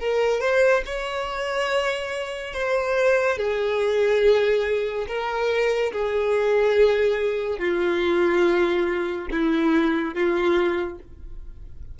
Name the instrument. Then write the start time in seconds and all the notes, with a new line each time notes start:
violin
0.00 A#4
0.41 C5
0.86 C#5
2.54 C5
3.38 G#4
5.08 A#4
5.93 G#4
7.59 F4
9.31 E4
10.14 F4